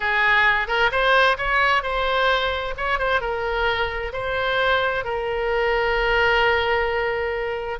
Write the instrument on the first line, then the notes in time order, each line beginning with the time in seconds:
oboe
0.00 G#4
0.67 A#4
0.91 C5
1.37 C#5
1.82 C5
2.77 C#5
2.98 C5
3.20 A#4
4.12 C5
5.04 A#4